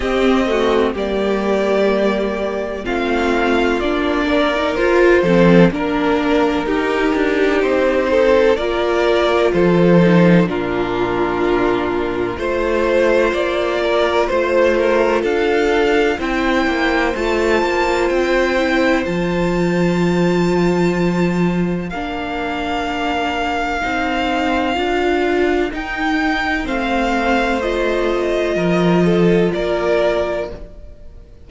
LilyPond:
<<
  \new Staff \with { instrumentName = "violin" } { \time 4/4 \tempo 4 = 63 dis''4 d''2 f''4 | d''4 c''4 ais'2 | c''4 d''4 c''4 ais'4~ | ais'4 c''4 d''4 c''4 |
f''4 g''4 a''4 g''4 | a''2. f''4~ | f''2. g''4 | f''4 dis''2 d''4 | }
  \new Staff \with { instrumentName = "violin" } { \time 4/4 g'8 fis'8 g'2 f'4~ | f'8 ais'4 a'8 ais'4 g'4~ | g'8 a'8 ais'4 a'4 f'4~ | f'4 c''4. ais'8 c''8 ais'8 |
a'4 c''2.~ | c''2. ais'4~ | ais'1 | c''2 ais'8 a'8 ais'4 | }
  \new Staff \with { instrumentName = "viola" } { \time 4/4 c'8 a8 ais2 c'4 | d'8. dis'16 f'8 c'8 d'4 dis'4~ | dis'4 f'4. dis'8 d'4~ | d'4 f'2.~ |
f'4 e'4 f'4. e'8 | f'2. d'4~ | d'4 dis'4 f'4 dis'4 | c'4 f'2. | }
  \new Staff \with { instrumentName = "cello" } { \time 4/4 c'4 g2 a4 | ais4 f'8 f8 ais4 dis'8 d'8 | c'4 ais4 f4 ais,4~ | ais,4 a4 ais4 a4 |
d'4 c'8 ais8 a8 ais8 c'4 | f2. ais4~ | ais4 c'4 d'4 dis'4 | a2 f4 ais4 | }
>>